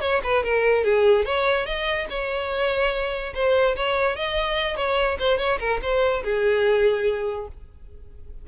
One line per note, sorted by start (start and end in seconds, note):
0.00 0.21 C#5
0.23 0.43 B4
0.43 0.84 A#4
0.84 1.25 G#4
1.25 1.66 C#5
1.66 2.07 D#5
2.09 3.33 C#5
3.34 3.75 C5
3.76 4.16 C#5
4.16 4.76 D#5
4.76 5.17 C#5
5.19 5.38 C5
5.38 5.58 C#5
5.59 5.80 A#4
5.82 6.23 C5
6.23 7.47 G#4